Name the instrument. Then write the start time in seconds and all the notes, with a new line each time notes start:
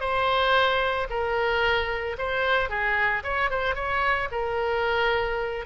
oboe
0.00 C5
1.09 A#4
2.18 C5
2.69 G#4
3.23 C#5
3.50 C5
3.75 C#5
4.31 A#4